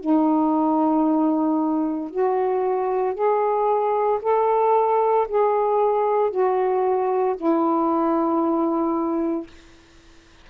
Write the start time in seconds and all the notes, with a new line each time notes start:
0.00 D#4
2.10 F#4
3.14 G#4
4.22 A4
5.28 G#4
6.31 F#4
7.36 E4